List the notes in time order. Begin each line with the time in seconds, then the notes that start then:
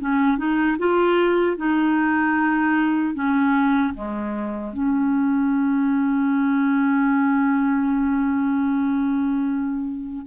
0.00 C#4
0.38 D#4
0.78 F4
1.57 D#4
3.14 C#4
3.94 G#3
4.73 C#4